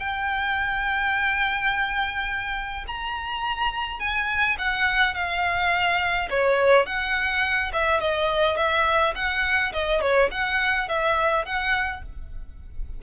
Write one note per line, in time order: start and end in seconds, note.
0.00 2.86 G5
2.88 4.00 A#5
4.00 4.57 G#5
4.59 5.15 F#5
5.15 6.29 F5
6.30 6.86 C#5
6.86 7.72 F#5
7.73 8.01 E5
8.01 8.57 D#5
8.57 9.14 E5
9.16 9.73 F#5
9.73 10.01 D#5
10.01 10.30 C#5
10.31 10.89 F#5
10.89 11.45 E5
11.45 12.03 F#5